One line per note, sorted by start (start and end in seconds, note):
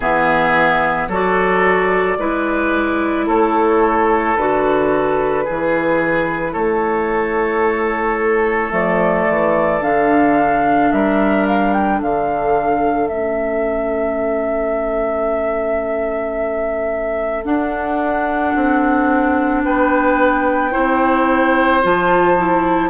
0.00 1.08 E3
0.00 1.10 B3
0.00 1.08 G#4
0.00 1.10 E5
1.08 2.17 F#3
1.08 2.18 F#4
1.08 2.17 A4
1.08 3.27 D5
2.18 3.27 G#3
2.18 4.37 E4
2.18 3.26 B4
3.26 4.36 A3
3.26 5.44 A4
3.26 4.36 C#5
4.36 5.45 D3
4.36 5.45 F#4
4.36 6.53 B4
5.44 6.55 E3
5.44 8.70 E4
5.44 6.52 G#4
6.52 8.71 A3
6.52 10.88 A4
6.52 8.71 C#5
8.70 9.26 F3
8.70 9.79 A3
8.70 9.82 D5
9.29 9.81 E3
9.81 10.90 D3
9.81 13.08 D4
9.81 10.91 F5
10.91 12.01 G3
10.91 11.98 A#4
10.91 11.46 E5
11.47 11.73 F5
11.73 12.00 G5
11.98 13.09 D3
11.98 19.62 A4
11.98 13.07 F5
13.07 17.45 A3
13.07 17.45 C#4
13.07 17.43 E5
17.44 20.71 D4
17.44 18.54 D4
17.44 19.62 F#5
18.55 19.64 C4
19.64 20.74 B3
19.64 20.71 B4
19.64 21.82 G5
20.71 21.84 C4
20.71 21.80 E4
20.71 22.90 C5
21.82 22.90 F3
21.82 22.36 F4
21.82 22.90 A5
22.37 22.90 E4